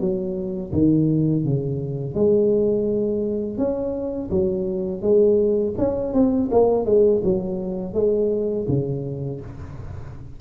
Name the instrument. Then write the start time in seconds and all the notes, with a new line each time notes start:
tuba
0.00 F#3
0.72 D#3
1.44 C#3
2.15 G#3
3.58 C#4
4.30 F#3
5.02 G#3
5.78 C#4
6.13 C4
6.51 A#3
6.85 G#3
7.24 F#3
7.94 G#3
8.68 C#3